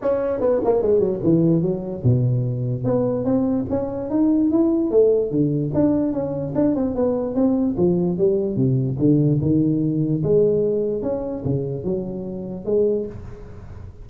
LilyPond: \new Staff \with { instrumentName = "tuba" } { \time 4/4 \tempo 4 = 147 cis'4 b8 ais8 gis8 fis8 e4 | fis4 b,2 b4 | c'4 cis'4 dis'4 e'4 | a4 d4 d'4 cis'4 |
d'8 c'8 b4 c'4 f4 | g4 c4 d4 dis4~ | dis4 gis2 cis'4 | cis4 fis2 gis4 | }